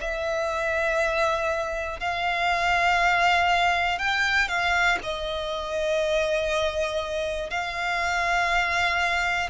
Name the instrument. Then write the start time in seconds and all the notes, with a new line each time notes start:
violin
0.00 E5
1.99 F5
3.99 G5
4.48 F5
5.03 D#5
7.50 F5